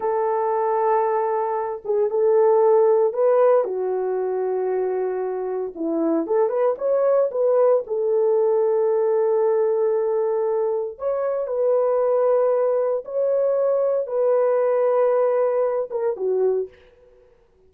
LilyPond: \new Staff \with { instrumentName = "horn" } { \time 4/4 \tempo 4 = 115 a'2.~ a'8 gis'8 | a'2 b'4 fis'4~ | fis'2. e'4 | a'8 b'8 cis''4 b'4 a'4~ |
a'1~ | a'4 cis''4 b'2~ | b'4 cis''2 b'4~ | b'2~ b'8 ais'8 fis'4 | }